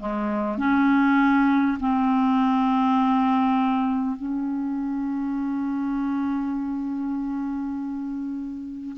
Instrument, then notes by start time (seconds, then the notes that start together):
clarinet
0.00 G#3
0.58 C#4
1.80 C4
4.17 C#4